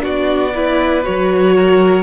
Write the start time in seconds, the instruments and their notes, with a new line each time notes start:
0.00 cello B3, viola D4, violin F#4 D5
0.55 viola E4, violin B4
1.04 cello F#3, viola F#4, violin C#5
1.55 violin A#4